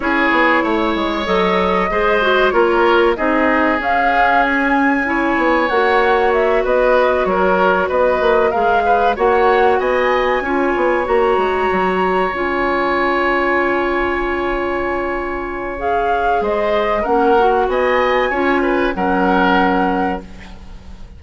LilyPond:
<<
  \new Staff \with { instrumentName = "flute" } { \time 4/4 \tempo 4 = 95 cis''2 dis''2 | cis''4 dis''4 f''4 gis''4~ | gis''4 fis''4 e''8 dis''4 cis''8~ | cis''8 dis''4 f''4 fis''4 gis''8~ |
gis''4. ais''2 gis''8~ | gis''1~ | gis''4 f''4 dis''4 fis''4 | gis''2 fis''2 | }
  \new Staff \with { instrumentName = "oboe" } { \time 4/4 gis'4 cis''2 c''4 | ais'4 gis'2. | cis''2~ cis''8 b'4 ais'8~ | ais'8 b'4 ais'8 b'8 cis''4 dis''8~ |
dis''8 cis''2.~ cis''8~ | cis''1~ | cis''2 c''4 ais'4 | dis''4 cis''8 b'8 ais'2 | }
  \new Staff \with { instrumentName = "clarinet" } { \time 4/4 e'2 a'4 gis'8 fis'8 | f'4 dis'4 cis'2 | e'4 fis'2.~ | fis'4. gis'4 fis'4.~ |
fis'8 f'4 fis'2 f'8~ | f'1~ | f'4 gis'2 cis'8 fis'8~ | fis'4 f'4 cis'2 | }
  \new Staff \with { instrumentName = "bassoon" } { \time 4/4 cis'8 b8 a8 gis8 fis4 gis4 | ais4 c'4 cis'2~ | cis'8 b8 ais4. b4 fis8~ | fis8 b8 ais8 gis4 ais4 b8~ |
b8 cis'8 b8 ais8 gis8 fis4 cis'8~ | cis'1~ | cis'2 gis4 ais4 | b4 cis'4 fis2 | }
>>